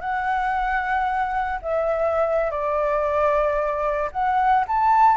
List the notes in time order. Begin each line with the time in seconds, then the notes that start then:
0.00 F#5
1.62 E5
2.50 D5
4.12 F#5
4.67 A5